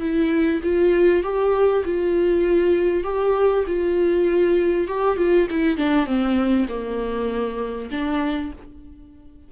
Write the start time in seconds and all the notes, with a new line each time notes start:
0.00 E4
0.63 F4
1.23 G4
1.85 F4
3.04 G4
3.67 F4
4.88 G4
5.17 F4
5.50 E4
5.77 D4
6.06 C4
6.69 A#3
7.91 D4